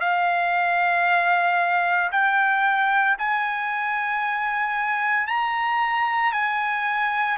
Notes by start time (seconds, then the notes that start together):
0.00 F5
2.11 G5
3.19 G#5
5.27 A#5
6.32 G#5